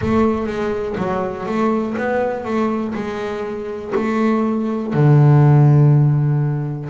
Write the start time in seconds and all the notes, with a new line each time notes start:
0.00 A3
0.46 G#3
0.97 F#3
1.45 A3
1.97 B3
2.45 A3
2.94 G#3
3.95 A3
4.93 D3